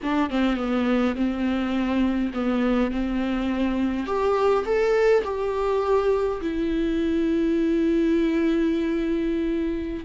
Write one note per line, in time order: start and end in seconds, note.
0.02 0.30 D4
0.30 0.56 C4
0.56 1.15 B3
1.15 2.32 C4
2.33 2.91 B3
2.91 4.06 C4
4.06 4.64 G4
4.65 5.23 A4
5.24 6.40 G4
6.41 10.04 E4